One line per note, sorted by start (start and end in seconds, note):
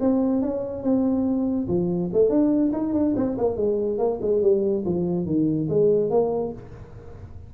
0.00 0.42 C4
0.42 0.83 C#4
0.83 1.67 C4
1.68 2.10 F3
2.13 2.29 A3
2.29 2.71 D4
2.73 2.93 D#4
2.93 3.14 D4
3.16 3.37 C4
3.38 3.56 A#3
3.56 3.98 G#3
3.98 4.19 A#3
4.21 4.42 G#3
4.42 4.84 G3
4.85 5.26 F3
5.26 5.68 D#3
5.69 6.10 G#3
6.10 6.52 A#3